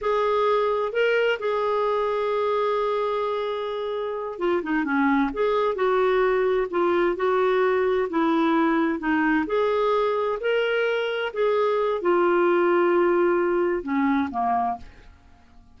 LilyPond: \new Staff \with { instrumentName = "clarinet" } { \time 4/4 \tempo 4 = 130 gis'2 ais'4 gis'4~ | gis'1~ | gis'4. f'8 dis'8 cis'4 gis'8~ | gis'8 fis'2 f'4 fis'8~ |
fis'4. e'2 dis'8~ | dis'8 gis'2 ais'4.~ | ais'8 gis'4. f'2~ | f'2 cis'4 ais4 | }